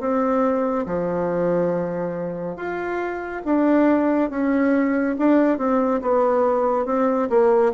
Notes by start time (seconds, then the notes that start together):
0.00 C4
0.86 F3
2.56 F4
3.45 D4
4.30 C#4
5.19 D4
5.58 C4
6.02 B3
6.86 C4
7.30 A#3